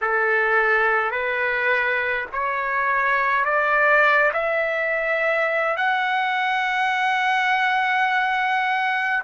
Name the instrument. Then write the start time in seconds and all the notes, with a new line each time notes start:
trumpet
0.01 A4
1.11 B4
2.32 C#5
3.45 D5
4.33 E5
5.76 F#5